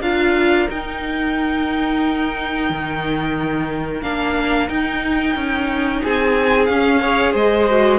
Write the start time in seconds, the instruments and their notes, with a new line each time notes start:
0.00 cello D4, viola F4, violin A#4 F5
0.68 viola D#4, cello D#4, violin G5
2.69 cello D#3
4.02 cello A#3, viola D4, violin F5
4.68 viola D#4, cello D#4, violin G5
5.35 cello C#4
6.02 cello C4, violin G#4 G#5
6.65 cello C#4, viola C#4, violin F5
7.01 viola G#4, violin C#5
7.32 cello G#3, violin C5 D#5
7.69 viola F#4